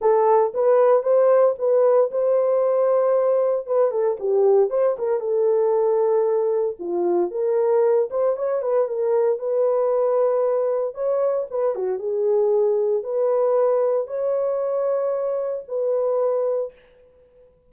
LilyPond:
\new Staff \with { instrumentName = "horn" } { \time 4/4 \tempo 4 = 115 a'4 b'4 c''4 b'4 | c''2. b'8 a'8 | g'4 c''8 ais'8 a'2~ | a'4 f'4 ais'4. c''8 |
cis''8 b'8 ais'4 b'2~ | b'4 cis''4 b'8 fis'8 gis'4~ | gis'4 b'2 cis''4~ | cis''2 b'2 | }